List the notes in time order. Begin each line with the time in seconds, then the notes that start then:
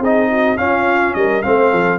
0.00 C4 D#4 G#4 D#5
0.30 F#4
0.57 C#4 F4 F5
1.15 G3 A#4 D#5
1.43 A3 C4 C5 F5
1.72 F3 A4